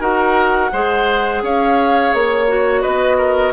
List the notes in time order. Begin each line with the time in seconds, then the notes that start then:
0.00 D#4 F#4 A#4 F#5
0.73 G#3 G#4 C5
1.42 C#4 C#5 F5
2.14 A#3 C#5
2.48 F#4
2.82 B3 B4 D#5
3.18 A#4